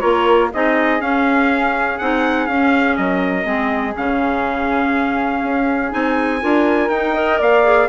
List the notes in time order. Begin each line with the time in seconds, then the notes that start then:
0.00 A#3 F4 A#4 C#5
0.53 C4 D#4 G#4 D#5
1.00 C#4 F5
1.98 C4 D#4 F#5
2.46 C#4 F5
2.96 F#3 A#4 D#5
3.43 G#3 C4 G#4
3.96 C#3 C#4 F5
5.42 C#4
5.90 C4 D#4 G#5
6.41 D4 F4 A#4
6.89 D#4 G5
7.14 A#4 D#5
7.38 A#3 D5 F5
7.63 G#4